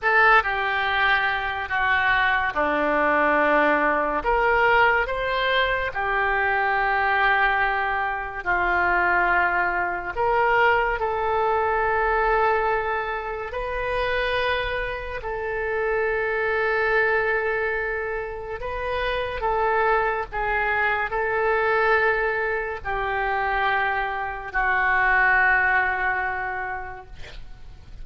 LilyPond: \new Staff \with { instrumentName = "oboe" } { \time 4/4 \tempo 4 = 71 a'8 g'4. fis'4 d'4~ | d'4 ais'4 c''4 g'4~ | g'2 f'2 | ais'4 a'2. |
b'2 a'2~ | a'2 b'4 a'4 | gis'4 a'2 g'4~ | g'4 fis'2. | }